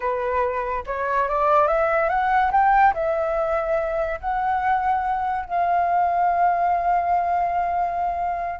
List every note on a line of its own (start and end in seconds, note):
0.00 0.84 B4
0.86 1.28 C#5
1.28 1.67 D5
1.67 2.09 E5
2.09 2.51 F#5
2.51 2.93 G5
2.94 4.20 E5
4.20 5.45 F#5
5.45 8.59 F5